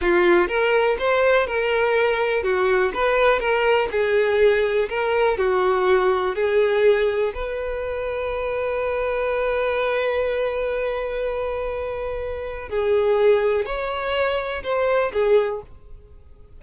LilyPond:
\new Staff \with { instrumentName = "violin" } { \time 4/4 \tempo 4 = 123 f'4 ais'4 c''4 ais'4~ | ais'4 fis'4 b'4 ais'4 | gis'2 ais'4 fis'4~ | fis'4 gis'2 b'4~ |
b'1~ | b'1~ | b'2 gis'2 | cis''2 c''4 gis'4 | }